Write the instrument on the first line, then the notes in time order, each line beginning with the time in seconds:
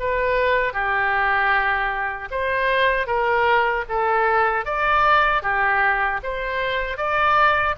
oboe
0.00 B4
0.73 G4
2.31 C5
3.07 A#4
3.89 A4
4.65 D5
5.43 G4
6.23 C5
6.98 D5